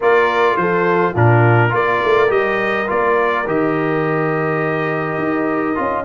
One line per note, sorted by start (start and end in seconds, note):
0.00 0.56 A#3
0.00 1.15 F4
0.00 0.56 A#4
0.00 0.56 D5
0.56 1.14 F3
0.56 1.12 A4
0.56 1.14 C5
1.12 1.72 A#2
1.12 1.70 D4
1.12 1.70 F4
1.12 1.74 A#4
1.70 2.01 A#3
1.70 2.27 F4
1.70 6.05 A#4
1.70 2.31 D5
2.03 2.31 A3
2.27 2.88 G3
2.27 2.85 G4
2.27 2.88 D#5
2.87 3.46 A#3
2.87 3.45 F4
2.87 3.47 D5
3.46 5.18 D#3
3.46 5.75 G4
3.46 6.05 D#5
5.18 5.75 D#4
5.75 6.05 C#4
5.75 6.04 F4